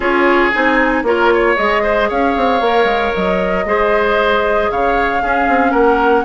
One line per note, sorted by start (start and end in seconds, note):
0.00 0.51 C#4
0.00 0.52 F4
0.00 1.02 G#4
0.00 0.51 C#5
0.51 1.02 C4
0.51 1.05 D#4
0.51 1.03 G#5
1.02 1.54 A#3
1.02 1.56 F4
1.02 1.33 A#4
1.02 1.57 C#5
1.34 1.82 C#5
1.56 2.10 G#3
1.56 2.61 G#4
1.56 2.09 D#5
1.82 2.08 C5
2.08 2.36 C#4
2.08 3.65 C#5
2.08 3.14 F5
2.36 2.61 C4
2.61 2.84 A#3
2.61 3.66 A#4
2.84 3.10 G#3
3.14 3.65 F#3
3.14 4.70 D#5
3.65 4.69 G#3
3.65 5.21 G#4
3.65 4.71 C5
4.70 5.22 C#3
4.70 5.22 C#5
4.70 5.72 F5
5.21 6.25 C#4
5.21 5.47 C#4
5.21 5.71 G#4
5.47 5.72 C4
5.71 6.24 A#3
5.71 6.23 A#4
5.71 6.24 F#5